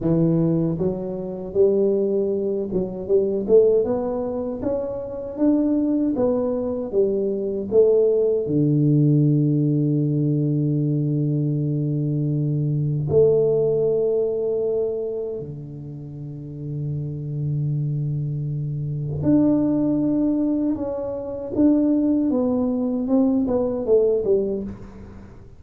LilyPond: \new Staff \with { instrumentName = "tuba" } { \time 4/4 \tempo 4 = 78 e4 fis4 g4. fis8 | g8 a8 b4 cis'4 d'4 | b4 g4 a4 d4~ | d1~ |
d4 a2. | d1~ | d4 d'2 cis'4 | d'4 b4 c'8 b8 a8 g8 | }